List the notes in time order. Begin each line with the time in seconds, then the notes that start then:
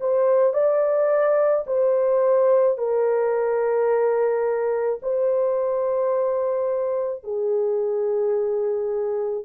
0.00 C5
0.54 D5
1.67 C5
2.78 A#4
5.02 C5
7.24 G#4